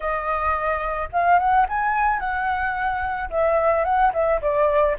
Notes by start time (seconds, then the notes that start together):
0.00 D#5
1.12 F5
1.38 F#5
1.68 G#5
2.19 F#5
3.30 E5
3.84 F#5
4.13 E5
4.41 D5